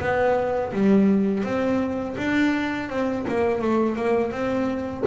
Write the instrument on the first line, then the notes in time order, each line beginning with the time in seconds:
double bass
0.00 B3
0.73 G3
1.44 C4
2.17 D4
2.89 C4
3.28 A#3
3.61 A3
3.96 A#3
4.32 C4